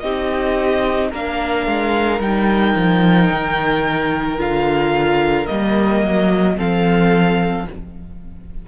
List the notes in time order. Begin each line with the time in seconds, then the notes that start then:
0.00 C4 D#4 G4 D#5
1.11 A#3 D4 A#4 F5
1.67 G#3
2.20 G3 D#4 G5
2.76 F3
3.32 D#3
4.38 D3 F4 F5
5.47 G3 A#3 D#5
6.03 F#3
6.57 F3 C4 A4 F5